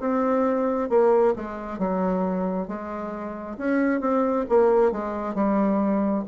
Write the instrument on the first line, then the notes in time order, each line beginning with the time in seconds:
bassoon
0.00 C4
0.89 A#3
1.36 G#3
1.78 F#3
2.67 G#3
3.57 C#4
4.01 C4
4.49 A#3
4.92 G#3
5.34 G3